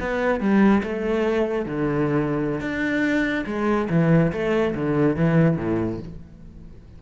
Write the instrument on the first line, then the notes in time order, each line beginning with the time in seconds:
cello
0.00 B3
0.40 G3
0.83 A3
1.66 D3
2.60 D4
3.46 G#3
3.90 E3
4.32 A3
4.75 D3
5.16 E3
5.57 A2